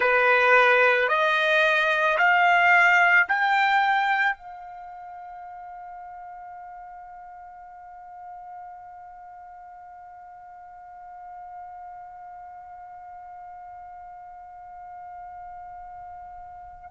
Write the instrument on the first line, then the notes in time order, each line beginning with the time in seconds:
trumpet
0.00 B4
1.08 D#5
2.18 F5
3.28 G5
4.36 F5